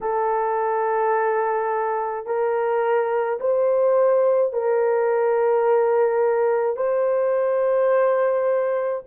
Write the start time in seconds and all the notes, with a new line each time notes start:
0.01 A4
2.26 A#4
3.40 C5
4.53 A#4
6.76 C5